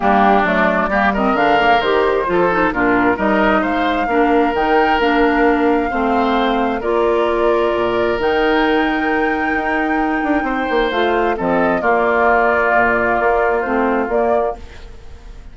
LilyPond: <<
  \new Staff \with { instrumentName = "flute" } { \time 4/4 \tempo 4 = 132 g'4 d''4. dis''8 f''4 | c''2 ais'4 dis''4 | f''2 g''4 f''4~ | f''2. d''4~ |
d''2 g''2~ | g''1 | f''4 dis''4 d''2~ | d''2 c''4 d''4 | }
  \new Staff \with { instrumentName = "oboe" } { \time 4/4 d'2 g'8 ais'4.~ | ais'4 a'4 f'4 ais'4 | c''4 ais'2.~ | ais'4 c''2 ais'4~ |
ais'1~ | ais'2. c''4~ | c''4 a'4 f'2~ | f'1 | }
  \new Staff \with { instrumentName = "clarinet" } { \time 4/4 ais4 a4 ais8 c'8 d'8 ais8 | g'4 f'8 dis'8 d'4 dis'4~ | dis'4 d'4 dis'4 d'4~ | d'4 c'2 f'4~ |
f'2 dis'2~ | dis'1 | f'4 c'4 ais2~ | ais2 c'4 ais4 | }
  \new Staff \with { instrumentName = "bassoon" } { \time 4/4 g4 fis4 g4 d4 | dis4 f4 ais,4 g4 | gis4 ais4 dis4 ais4~ | ais4 a2 ais4~ |
ais4 ais,4 dis2~ | dis4 dis'4. d'8 c'8 ais8 | a4 f4 ais2 | ais,4 ais4 a4 ais4 | }
>>